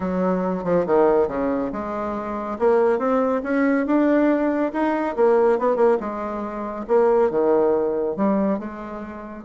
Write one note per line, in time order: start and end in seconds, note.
0.00 0.64 F#3
0.64 0.85 F3
0.86 1.28 D#3
1.28 1.70 C#3
1.72 2.58 G#3
2.58 2.98 A#3
2.98 3.41 C4
3.43 3.86 C#4
3.86 4.72 D4
4.72 5.15 D#4
5.15 5.58 A#3
5.59 5.76 B3
5.76 5.97 A#3
6.00 6.85 G#3
6.87 7.30 A#3
7.30 8.16 D#3
8.16 8.59 G3
8.59 9.44 G#3